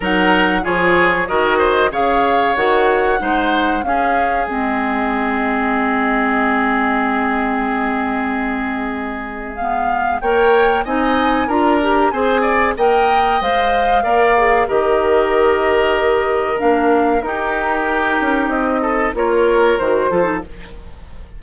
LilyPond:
<<
  \new Staff \with { instrumentName = "flute" } { \time 4/4 \tempo 4 = 94 fis''4 cis''4 dis''4 f''4 | fis''2 f''4 dis''4~ | dis''1~ | dis''2. f''4 |
g''4 gis''4 ais''4 gis''4 | g''4 f''2 dis''4~ | dis''2 f''4 ais'4~ | ais'4 dis''4 cis''4 c''4 | }
  \new Staff \with { instrumentName = "oboe" } { \time 4/4 ais'4 gis'4 ais'8 c''8 cis''4~ | cis''4 c''4 gis'2~ | gis'1~ | gis'1 |
cis''4 dis''4 ais'4 c''8 d''8 | dis''2 d''4 ais'4~ | ais'2. g'4~ | g'4. a'8 ais'4. a'8 | }
  \new Staff \with { instrumentName = "clarinet" } { \time 4/4 dis'4 f'4 fis'4 gis'4 | fis'4 dis'4 cis'4 c'4~ | c'1~ | c'2. b4 |
ais'4 dis'4 f'8 g'8 gis'4 | ais'4 c''4 ais'8 gis'8 g'4~ | g'2 d'4 dis'4~ | dis'2 f'4 fis'8 f'16 dis'16 | }
  \new Staff \with { instrumentName = "bassoon" } { \time 4/4 fis4 f4 dis4 cis4 | dis4 gis4 cis'4 gis4~ | gis1~ | gis1 |
ais4 c'4 d'4 c'4 | ais4 gis4 ais4 dis4~ | dis2 ais4 dis'4~ | dis'8 cis'8 c'4 ais4 dis8 f8 | }
>>